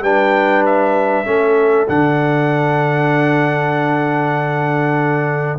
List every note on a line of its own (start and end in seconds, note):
0.00 1.24 G3
0.00 1.25 D4
0.00 1.26 B4
0.00 0.65 G5
0.65 1.88 E5
1.25 1.88 A3
1.25 1.87 C#4
1.25 5.59 A4
1.88 5.59 D3
1.88 5.59 D4
1.88 5.59 F#5